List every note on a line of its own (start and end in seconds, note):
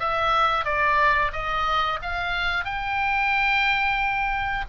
0.00 0.65 E5
0.65 1.32 D5
1.32 1.99 D#5
2.02 2.65 F5
2.65 4.65 G5